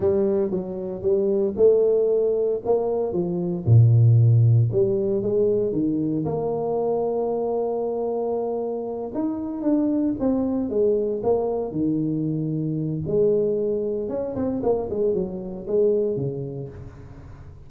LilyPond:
\new Staff \with { instrumentName = "tuba" } { \time 4/4 \tempo 4 = 115 g4 fis4 g4 a4~ | a4 ais4 f4 ais,4~ | ais,4 g4 gis4 dis4 | ais1~ |
ais4. dis'4 d'4 c'8~ | c'8 gis4 ais4 dis4.~ | dis4 gis2 cis'8 c'8 | ais8 gis8 fis4 gis4 cis4 | }